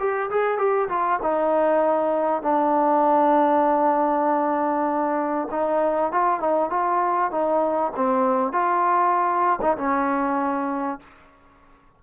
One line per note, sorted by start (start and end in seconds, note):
0.00 0.31 G4
0.31 0.58 G#4
0.58 0.89 G4
0.90 1.20 F4
1.23 2.43 D#4
2.43 5.49 D4
5.52 6.12 D#4
6.12 6.40 F4
6.40 6.70 D#4
6.70 7.32 F4
7.32 7.93 D#4
7.96 8.53 C4
8.53 9.60 F4
9.62 9.77 D#4
9.78 11.00 C#4